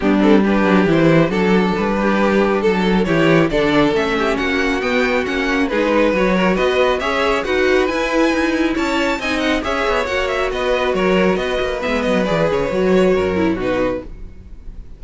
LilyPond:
<<
  \new Staff \with { instrumentName = "violin" } { \time 4/4 \tempo 4 = 137 g'8 a'8 b'4 c''4 a'4 | b'2 a'4 cis''4 | d''4 e''4 fis''4 g''4 | fis''4 b'4 cis''4 dis''4 |
e''4 fis''4 gis''2 | a''4 gis''8 fis''8 e''4 fis''8 e''8 | dis''4 cis''4 dis''4 e''8 dis''8 | d''8 cis''2~ cis''8 b'4 | }
  \new Staff \with { instrumentName = "violin" } { \time 4/4 d'4 g'2 a'4~ | a'8 g'4. a'4 g'4 | a'4. g'8 fis'2~ | fis'4 gis'8 b'4 ais'8 b'4 |
cis''4 b'2. | cis''4 dis''4 cis''2 | b'4 ais'4 b'2~ | b'2 ais'4 fis'4 | }
  \new Staff \with { instrumentName = "viola" } { \time 4/4 b8 c'8 d'4 e'4 d'4~ | d'2. e'4 | d'4 cis'2 b4 | cis'4 dis'4 fis'2 |
gis'4 fis'4 e'2~ | e'4 dis'4 gis'4 fis'4~ | fis'2. b4 | gis'4 fis'4. e'8 dis'4 | }
  \new Staff \with { instrumentName = "cello" } { \time 4/4 g4. fis8 e4 fis4 | g2 fis4 e4 | d4 a4 ais4 b4 | ais4 gis4 fis4 b4 |
cis'4 dis'4 e'4 dis'4 | cis'4 c'4 cis'8 b8 ais4 | b4 fis4 b8 ais8 gis8 fis8 | e8 cis8 fis4 fis,4 b,4 | }
>>